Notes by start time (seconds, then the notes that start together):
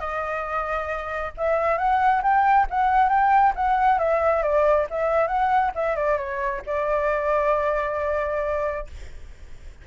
0.00 D#5
1.38 E5
1.78 F#5
2.23 G5
2.70 F#5
3.09 G5
3.56 F#5
3.99 E5
4.43 D5
4.90 E5
5.27 F#5
5.75 E5
5.96 D5
6.18 C#5
6.66 D5